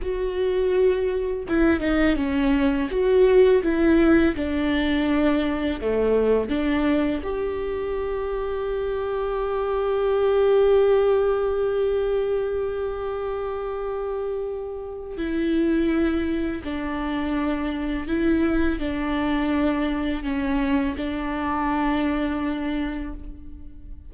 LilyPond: \new Staff \with { instrumentName = "viola" } { \time 4/4 \tempo 4 = 83 fis'2 e'8 dis'8 cis'4 | fis'4 e'4 d'2 | a4 d'4 g'2~ | g'1~ |
g'1~ | g'4 e'2 d'4~ | d'4 e'4 d'2 | cis'4 d'2. | }